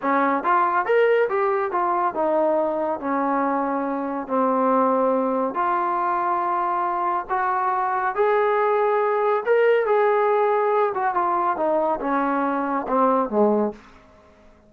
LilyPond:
\new Staff \with { instrumentName = "trombone" } { \time 4/4 \tempo 4 = 140 cis'4 f'4 ais'4 g'4 | f'4 dis'2 cis'4~ | cis'2 c'2~ | c'4 f'2.~ |
f'4 fis'2 gis'4~ | gis'2 ais'4 gis'4~ | gis'4. fis'8 f'4 dis'4 | cis'2 c'4 gis4 | }